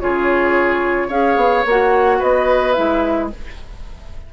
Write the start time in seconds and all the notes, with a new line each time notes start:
0.00 C#3 F4 G#4 C#5
1.08 C#4 G#4 C#5 F5
1.37 B3
1.66 A#3 F#4 F#5
2.19 B3 B4 D#5
2.73 G#3 E4 E5